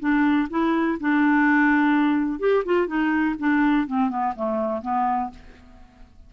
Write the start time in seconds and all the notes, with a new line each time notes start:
0.00 D4
0.50 E4
1.00 D4
2.40 G4
2.65 F4
2.87 D#4
3.39 D4
3.87 C4
4.10 B3
4.36 A3
4.82 B3